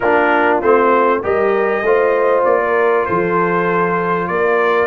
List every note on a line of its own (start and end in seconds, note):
0.00 0.62 A#3
0.00 0.62 D4
0.00 1.21 F4
0.00 0.57 A#4
0.61 1.23 A3
0.61 1.22 C4
0.61 1.22 C5
1.22 1.82 G3
1.22 1.84 G4
1.22 1.84 A#4
1.22 2.44 D#5
1.82 2.43 A3
1.82 4.86 F4
1.82 2.60 C5
2.44 3.07 A#3
2.44 3.05 D5
2.60 3.06 A#4
3.05 4.29 F3
3.05 4.29 A4
3.05 4.27 C5
4.27 4.86 A#3
4.27 4.86 A#4
4.27 4.86 D5